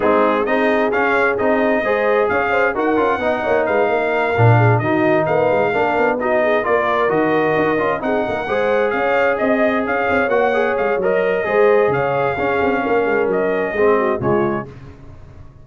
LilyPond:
<<
  \new Staff \with { instrumentName = "trumpet" } { \time 4/4 \tempo 4 = 131 gis'4 dis''4 f''4 dis''4~ | dis''4 f''4 fis''2 | f''2~ f''8 dis''4 f''8~ | f''4. dis''4 d''4 dis''8~ |
dis''4. fis''2 f''8~ | f''8 dis''4 f''4 fis''4 f''8 | dis''2 f''2~ | f''4 dis''2 cis''4 | }
  \new Staff \with { instrumentName = "horn" } { \time 4/4 dis'4 gis'2. | c''4 cis''8 c''8 ais'4 dis''8 cis''8 | b'8 ais'4. gis'8 fis'4 b'8~ | b'8 ais'4 fis'8 gis'8 ais'4.~ |
ais'4. gis'8 ais'8 c''4 cis''8~ | cis''8 dis''4 cis''2~ cis''8~ | cis''4 c''4 cis''4 gis'4 | ais'2 gis'8 fis'8 f'4 | }
  \new Staff \with { instrumentName = "trombone" } { \time 4/4 c'4 dis'4 cis'4 dis'4 | gis'2 fis'8 f'8 dis'4~ | dis'4. d'4 dis'4.~ | dis'8 d'4 dis'4 f'4 fis'8~ |
fis'4 f'8 dis'4 gis'4.~ | gis'2~ gis'8 fis'8 gis'4 | ais'4 gis'2 cis'4~ | cis'2 c'4 gis4 | }
  \new Staff \with { instrumentName = "tuba" } { \time 4/4 gis4 c'4 cis'4 c'4 | gis4 cis'4 dis'8 cis'8 b8 ais8 | gis8 ais4 ais,4 dis4 ais8 | gis8 ais8 b4. ais4 dis8~ |
dis8 dis'8 cis'8 c'8 ais8 gis4 cis'8~ | cis'8 c'4 cis'8 c'8 ais4 gis8 | fis4 gis4 cis4 cis'8 c'8 | ais8 gis8 fis4 gis4 cis4 | }
>>